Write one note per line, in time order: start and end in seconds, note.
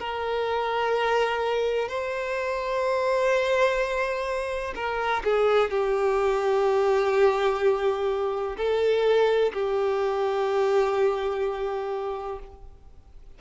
0.00 1.89 A#4
1.89 4.74 C5
4.76 5.23 A#4
5.25 5.71 G#4
5.71 8.57 G4
8.58 9.53 A4
9.54 12.39 G4